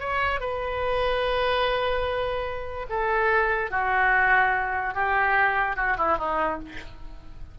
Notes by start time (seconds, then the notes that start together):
0.00 C#5
0.40 B4
2.90 A4
3.71 F#4
4.94 G4
5.76 F#4
5.97 E4
6.18 D#4